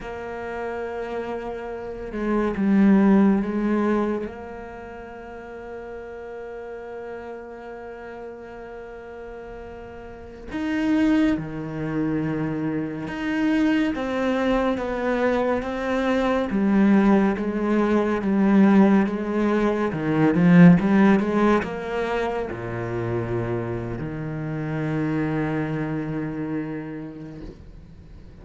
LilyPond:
\new Staff \with { instrumentName = "cello" } { \time 4/4 \tempo 4 = 70 ais2~ ais8 gis8 g4 | gis4 ais2.~ | ais1~ | ais16 dis'4 dis2 dis'8.~ |
dis'16 c'4 b4 c'4 g8.~ | g16 gis4 g4 gis4 dis8 f16~ | f16 g8 gis8 ais4 ais,4.~ ais,16 | dis1 | }